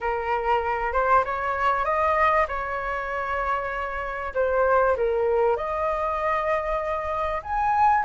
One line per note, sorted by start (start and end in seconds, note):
0.00 0.93 A#4
0.93 1.23 C5
1.24 1.84 C#5
1.84 2.46 D#5
2.48 4.33 C#5
4.34 4.96 C5
4.96 5.56 A#4
5.56 7.41 D#5
7.42 8.04 G#5